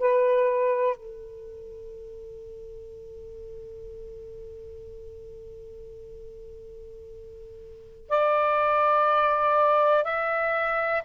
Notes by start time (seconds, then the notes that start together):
0.00 B4
0.97 A4
8.10 D5
10.04 E5